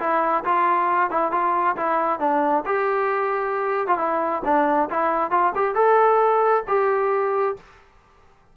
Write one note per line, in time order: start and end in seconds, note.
0.00 0.44 E4
0.45 1.11 F4
1.11 1.32 E4
1.32 1.76 F4
1.77 2.20 E4
2.20 2.64 D4
2.66 3.88 G4
3.88 3.98 F4
3.98 4.43 E4
4.45 4.89 D4
4.90 5.31 E4
5.31 5.53 F4
5.55 5.75 G4
5.75 6.64 A4
6.68 7.57 G4